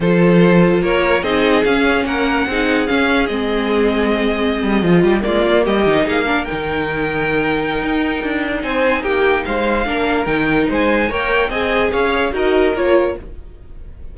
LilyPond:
<<
  \new Staff \with { instrumentName = "violin" } { \time 4/4 \tempo 4 = 146 c''2 cis''4 dis''4 | f''4 fis''2 f''4 | dis''1~ | dis''8. d''4 dis''4 f''4 g''16~ |
g''1~ | g''4 gis''4 g''4 f''4~ | f''4 g''4 gis''4 g''4 | gis''4 f''4 dis''4 cis''4 | }
  \new Staff \with { instrumentName = "violin" } { \time 4/4 a'2 ais'4 gis'4~ | gis'4 ais'4 gis'2~ | gis'1~ | gis'16 g'8 f'4 g'4 gis'8 ais'8.~ |
ais'1~ | ais'4 c''4 g'4 c''4 | ais'2 c''4 cis''4 | dis''4 cis''4 ais'2 | }
  \new Staff \with { instrumentName = "viola" } { \time 4/4 f'2. dis'4 | cis'2 dis'4 cis'4 | c'2.~ c'8. f'16~ | f'8. ais4. dis'4 d'8 dis'16~ |
dis'1~ | dis'1 | d'4 dis'2 ais'4 | gis'2 fis'4 f'4 | }
  \new Staff \with { instrumentName = "cello" } { \time 4/4 f2 ais4 c'4 | cis'4 ais4 c'4 cis'4 | gis2.~ gis16 g8 f16~ | f16 g8 gis8 ais8 g8 dis8 ais4 dis16~ |
dis2. dis'4 | d'4 c'4 ais4 gis4 | ais4 dis4 gis4 ais4 | c'4 cis'4 dis'4 ais4 | }
>>